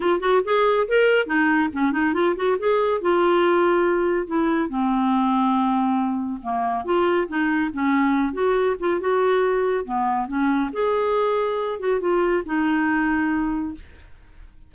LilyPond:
\new Staff \with { instrumentName = "clarinet" } { \time 4/4 \tempo 4 = 140 f'8 fis'8 gis'4 ais'4 dis'4 | cis'8 dis'8 f'8 fis'8 gis'4 f'4~ | f'2 e'4 c'4~ | c'2. ais4 |
f'4 dis'4 cis'4. fis'8~ | fis'8 f'8 fis'2 b4 | cis'4 gis'2~ gis'8 fis'8 | f'4 dis'2. | }